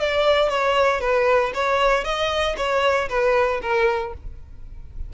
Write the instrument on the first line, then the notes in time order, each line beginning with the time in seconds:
violin
0.00 D5
0.49 C#5
1.01 B4
1.54 C#5
2.04 D#5
2.57 C#5
3.09 B4
3.62 A#4